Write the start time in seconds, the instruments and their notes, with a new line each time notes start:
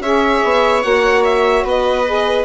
0.00 bassoon C#4, saxophone G#4, viola C#5, violin E5
0.44 bassoon B3
0.82 bassoon A#3, saxophone F#4, violin F#5
1.24 violin E5
1.64 bassoon B3, viola B4, violin D#5
2.06 saxophone G#4